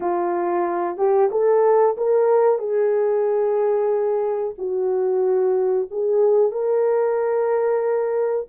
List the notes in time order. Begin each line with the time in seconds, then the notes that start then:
0.00 F4
0.97 G4
1.31 A4
1.97 A#4
2.58 G#4
4.58 F#4
5.90 G#4
6.51 A#4